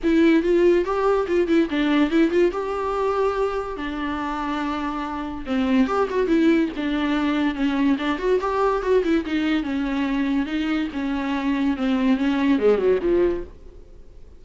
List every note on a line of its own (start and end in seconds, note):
0.03 0.42 E4
0.42 0.84 F4
0.84 1.26 G4
1.27 1.47 F4
1.47 1.68 E4
1.70 2.10 D4
2.10 2.30 E4
2.30 2.51 F4
2.51 3.76 G4
3.76 5.44 D4
5.46 5.87 C4
5.87 6.08 G4
6.09 6.27 F#4
6.27 6.69 E4
6.76 7.54 D4
7.54 7.96 C#4
7.98 8.18 D4
8.18 8.39 F#4
8.40 8.82 G4
8.82 9.03 F#4
9.03 9.24 E4
9.25 9.63 D#4
9.63 10.46 C#4
10.46 10.88 D#4
10.92 11.76 C#4
11.76 12.17 C4
12.17 12.59 C#4
12.59 12.78 G#3
12.78 12.99 F#3
13.02 13.44 F3